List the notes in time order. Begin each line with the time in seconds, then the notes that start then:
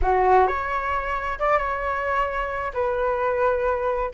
0.01 F#4
0.47 C#5
1.39 D5
1.57 C#5
2.73 B4